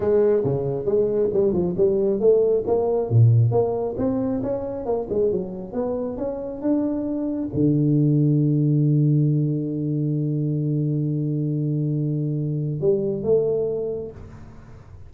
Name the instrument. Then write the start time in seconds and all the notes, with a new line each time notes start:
tuba
0.00 G#3
0.44 C#3
0.85 G#3
1.33 G3
1.52 F3
1.77 G3
2.20 A3
2.67 A#3
3.09 A#2
3.51 A#3
3.97 C4
4.43 C#4
4.85 A#3
5.09 G#3
5.31 F#3
5.73 B3
6.17 C#4
6.61 D4
7.54 D3
12.80 G3
13.23 A3